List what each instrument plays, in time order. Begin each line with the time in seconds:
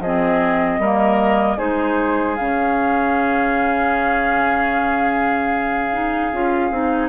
0.00 bassoon F3, clarinet C4, oboe G#4, flute D#5
0.78 bassoon G3, clarinet A#3, oboe A#4
1.57 bassoon G#3, clarinet D#4, oboe G#4, flute C5
2.36 bassoon C#3, clarinet C#4, flute F5
5.93 clarinet D#4
6.32 bassoon C#4, clarinet F4
6.71 bassoon C4, clarinet D#4